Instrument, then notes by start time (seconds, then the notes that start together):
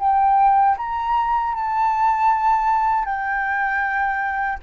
flute
0.00 G5
0.78 A#5
1.55 A5
3.05 G5